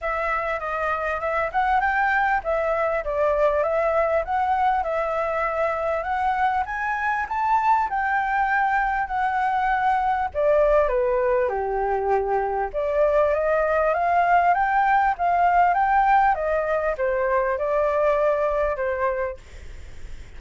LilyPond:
\new Staff \with { instrumentName = "flute" } { \time 4/4 \tempo 4 = 99 e''4 dis''4 e''8 fis''8 g''4 | e''4 d''4 e''4 fis''4 | e''2 fis''4 gis''4 | a''4 g''2 fis''4~ |
fis''4 d''4 b'4 g'4~ | g'4 d''4 dis''4 f''4 | g''4 f''4 g''4 dis''4 | c''4 d''2 c''4 | }